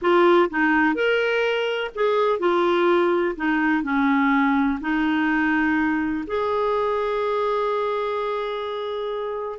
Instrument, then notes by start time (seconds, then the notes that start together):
clarinet
0.01 F4
0.49 D#4
0.94 A#4
1.94 G#4
2.39 F4
3.36 D#4
3.83 C#4
4.80 D#4
6.26 G#4